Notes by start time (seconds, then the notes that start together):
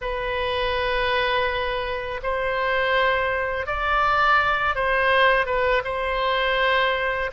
0.01 B4
2.23 C5
3.66 D5
4.75 C5
5.45 B4
5.84 C5